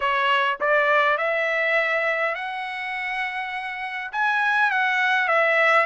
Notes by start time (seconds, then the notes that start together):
0.00 C#5
0.60 D5
1.17 E5
2.34 F#5
4.11 G#5
4.70 F#5
5.28 E5